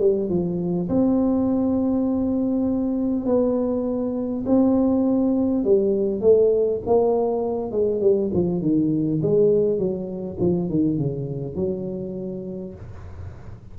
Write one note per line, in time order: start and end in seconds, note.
0.00 0.29 G3
0.29 0.89 F3
0.89 3.26 C4
3.26 4.45 B3
4.46 5.64 C4
5.64 6.21 G3
6.21 6.80 A3
6.86 7.71 A#3
7.71 8.01 G#3
8.01 8.31 G3
8.34 8.62 F3
8.62 9.21 D#3
9.22 9.78 G#3
9.78 10.37 F#3
10.40 10.70 F3
10.70 10.98 D#3
10.98 11.56 C#3
11.56 12.75 F#3